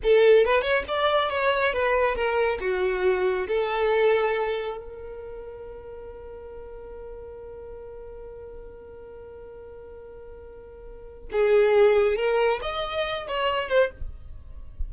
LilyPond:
\new Staff \with { instrumentName = "violin" } { \time 4/4 \tempo 4 = 138 a'4 b'8 cis''8 d''4 cis''4 | b'4 ais'4 fis'2 | a'2. ais'4~ | ais'1~ |
ais'1~ | ais'1~ | ais'2 gis'2 | ais'4 dis''4. cis''4 c''8 | }